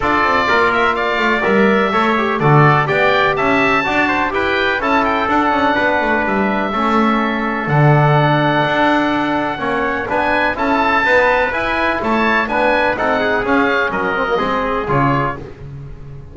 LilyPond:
<<
  \new Staff \with { instrumentName = "oboe" } { \time 4/4 \tempo 4 = 125 d''4. e''8 f''4 e''4~ | e''4 d''4 g''4 a''4~ | a''4 g''4 a''8 g''8 fis''4~ | fis''4 e''2. |
fis''1~ | fis''4 gis''4 a''2 | gis''4 a''4 gis''4 fis''4 | f''4 dis''2 cis''4 | }
  \new Staff \with { instrumentName = "trumpet" } { \time 4/4 a'4 ais'4 d''2 | cis''4 a'4 d''4 e''4 | d''8 c''8 b'4 a'2 | b'2 a'2~ |
a'1 | cis''4 b'4 a'4 b'4~ | b'4 cis''4 b'4 a'8 gis'8~ | gis'4 ais'4 gis'2 | }
  \new Staff \with { instrumentName = "trombone" } { \time 4/4 f'2. ais'4 | a'8 g'8 fis'4 g'2 | fis'4 g'4 e'4 d'4~ | d'2 cis'2 |
d'1 | cis'4 d'4 e'4 b4 | e'2 d'4 dis'4 | cis'4. c'16 ais16 c'4 f'4 | }
  \new Staff \with { instrumentName = "double bass" } { \time 4/4 d'8 c'8 ais4. a8 g4 | a4 d4 b4 cis'4 | d'4 e'4 cis'4 d'8 cis'8 | b8 a8 g4 a2 |
d2 d'2 | ais4 b4 cis'4 dis'4 | e'4 a4 b4 c'4 | cis'4 fis4 gis4 cis4 | }
>>